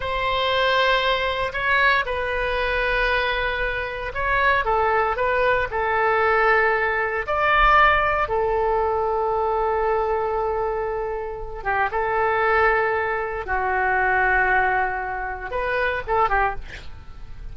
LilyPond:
\new Staff \with { instrumentName = "oboe" } { \time 4/4 \tempo 4 = 116 c''2. cis''4 | b'1 | cis''4 a'4 b'4 a'4~ | a'2 d''2 |
a'1~ | a'2~ a'8 g'8 a'4~ | a'2 fis'2~ | fis'2 b'4 a'8 g'8 | }